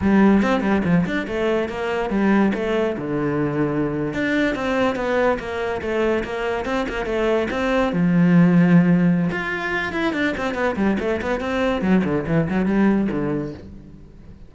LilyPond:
\new Staff \with { instrumentName = "cello" } { \time 4/4 \tempo 4 = 142 g4 c'8 g8 f8 d'8 a4 | ais4 g4 a4 d4~ | d4.~ d16 d'4 c'4 b16~ | b8. ais4 a4 ais4 c'16~ |
c'16 ais8 a4 c'4 f4~ f16~ | f2 f'4. e'8 | d'8 c'8 b8 g8 a8 b8 c'4 | fis8 d8 e8 fis8 g4 d4 | }